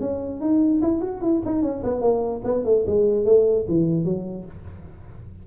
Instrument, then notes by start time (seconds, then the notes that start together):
tuba
0.00 C#4
0.40 D#4
0.81 E4
1.01 F#4
1.21 E4
1.45 D#4
1.62 C#4
1.83 B3
2.00 A#3
2.44 B3
2.64 A3
2.86 G#3
3.25 A3
3.68 E3
4.04 F#3